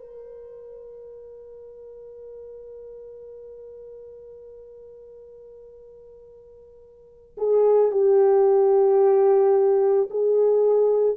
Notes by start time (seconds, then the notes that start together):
0.00 A#4
7.37 G#4
7.91 G4
10.11 G#4